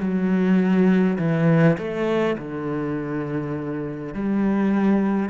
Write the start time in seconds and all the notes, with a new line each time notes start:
0.00 F#3
1.18 E3
1.78 A3
2.38 D3
4.14 G3